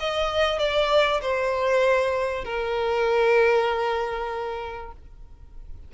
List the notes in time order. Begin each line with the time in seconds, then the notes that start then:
0.00 D#5
0.59 D5
1.22 C5
2.45 A#4